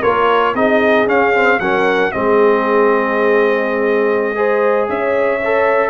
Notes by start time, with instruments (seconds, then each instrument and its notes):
0.00 tuba A#3, trombone F4, horn A#4, trumpet C#5
0.54 tuba C4, trombone D#4, horn G#4, trumpet D#5
1.06 tuba C#4, trombone C#4, trumpet F5
1.34 trombone C4
1.60 tuba F#3, trombone C#4, horn A#4, trumpet F#5
2.12 tuba G#3, trombone C4, horn G#4, trumpet D#5
4.35 trombone G#4, horn C5
4.89 tuba C#4, horn C#5, trumpet E5
5.44 trombone A4